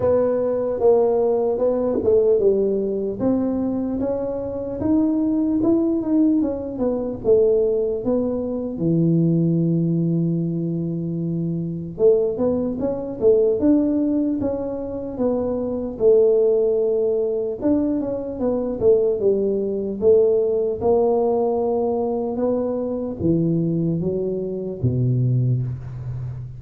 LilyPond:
\new Staff \with { instrumentName = "tuba" } { \time 4/4 \tempo 4 = 75 b4 ais4 b8 a8 g4 | c'4 cis'4 dis'4 e'8 dis'8 | cis'8 b8 a4 b4 e4~ | e2. a8 b8 |
cis'8 a8 d'4 cis'4 b4 | a2 d'8 cis'8 b8 a8 | g4 a4 ais2 | b4 e4 fis4 b,4 | }